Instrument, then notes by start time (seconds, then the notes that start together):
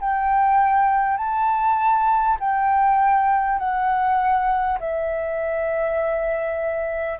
flute
0.00 G5
1.17 A5
2.40 G5
3.58 F#5
4.79 E5